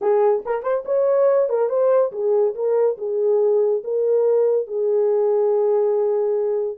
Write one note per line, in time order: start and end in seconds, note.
0.01 0.43 G#4
0.45 0.62 A#4
0.62 0.84 C5
0.85 1.49 C#5
1.49 1.69 A#4
1.69 2.11 C5
2.12 2.54 G#4
2.54 2.97 A#4
2.97 3.82 G#4
3.84 4.67 A#4
4.67 6.77 G#4